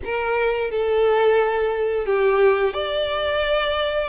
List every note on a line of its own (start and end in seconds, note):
0.04 0.70 A#4
0.70 2.05 A4
2.05 2.73 G4
2.73 4.08 D5